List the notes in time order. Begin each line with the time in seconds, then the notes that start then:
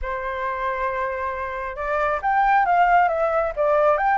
0.02 C5
1.75 D5
2.22 G5
2.65 F5
3.08 E5
3.56 D5
3.97 G5